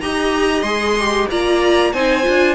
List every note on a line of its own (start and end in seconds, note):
0.00 0.62 D#4
0.00 0.65 G4
0.00 1.30 D#5
0.00 0.62 A#5
0.62 1.26 G#3
0.62 0.97 G#4
0.62 1.26 C6
1.00 1.30 G4
1.30 1.93 A#3
1.30 1.94 F4
1.30 1.92 D5
1.30 1.93 A#5
1.92 2.25 C4
1.92 2.23 D#4
1.92 2.54 C5
1.92 2.54 G#5
2.23 2.54 D4
2.23 2.54 F4